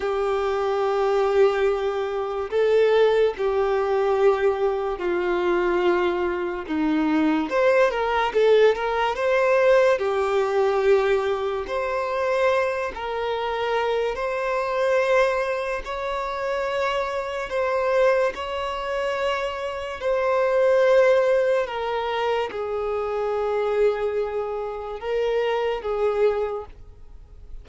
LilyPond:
\new Staff \with { instrumentName = "violin" } { \time 4/4 \tempo 4 = 72 g'2. a'4 | g'2 f'2 | dis'4 c''8 ais'8 a'8 ais'8 c''4 | g'2 c''4. ais'8~ |
ais'4 c''2 cis''4~ | cis''4 c''4 cis''2 | c''2 ais'4 gis'4~ | gis'2 ais'4 gis'4 | }